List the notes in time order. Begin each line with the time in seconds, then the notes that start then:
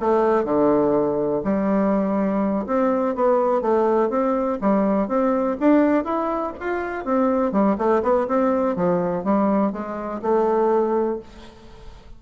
0.00 A3
0.44 D3
1.44 G3
2.66 C4
3.15 B3
3.61 A3
4.10 C4
4.61 G3
5.08 C4
5.60 D4
6.04 E4
6.60 F4
7.05 C4
7.52 G3
7.78 A3
8.03 B3
8.27 C4
8.76 F3
9.24 G3
9.72 G#3
10.22 A3